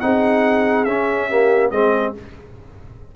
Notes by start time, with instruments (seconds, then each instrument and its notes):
0.00 tuba C4, trombone D#4, horn G#4, trumpet F#5
0.85 tuba C#4, trombone C#4, trumpet E5
1.29 trombone A#3, horn G4
1.71 tuba G#3, trombone C4, horn G#4, trumpet D#5